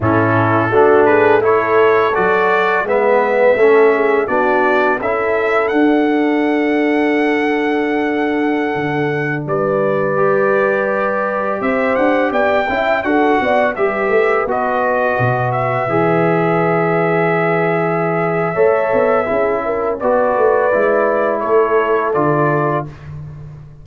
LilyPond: <<
  \new Staff \with { instrumentName = "trumpet" } { \time 4/4 \tempo 4 = 84 a'4. b'8 cis''4 d''4 | e''2 d''4 e''4 | fis''1~ | fis''4~ fis''16 d''2~ d''8.~ |
d''16 e''8 fis''8 g''4 fis''4 e''8.~ | e''16 dis''4. e''2~ e''16~ | e''1 | d''2 cis''4 d''4 | }
  \new Staff \with { instrumentName = "horn" } { \time 4/4 e'4 fis'8 gis'8 a'2 | b'4 a'8 gis'8 fis'4 a'4~ | a'1~ | a'4~ a'16 b'2~ b'8.~ |
b'16 c''4 d''8 e''8 a'8 d''8 b'8.~ | b'1~ | b'2 cis''4 gis'8 ais'8 | b'2 a'2 | }
  \new Staff \with { instrumentName = "trombone" } { \time 4/4 cis'4 d'4 e'4 fis'4 | b4 cis'4 d'4 e'4 | d'1~ | d'2~ d'16 g'4.~ g'16~ |
g'4.~ g'16 e'8 fis'4 g'8.~ | g'16 fis'2 gis'4.~ gis'16~ | gis'2 a'4 e'4 | fis'4 e'2 f'4 | }
  \new Staff \with { instrumentName = "tuba" } { \time 4/4 a,4 a2 fis4 | gis4 a4 b4 cis'4 | d'1~ | d'16 d4 g2~ g8.~ |
g16 c'8 d'8 b8 cis'8 d'8 b8 g8 a16~ | a16 b4 b,4 e4.~ e16~ | e2 a8 b8 cis'4 | b8 a8 gis4 a4 d4 | }
>>